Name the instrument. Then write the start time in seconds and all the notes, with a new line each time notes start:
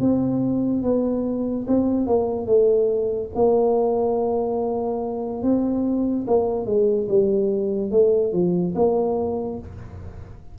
tuba
0.00 C4
0.83 B3
1.67 C4
2.07 A#3
2.47 A3
3.35 A#3
5.43 C4
6.27 A#3
6.66 G#3
7.09 G3
7.91 A3
8.33 F3
8.75 A#3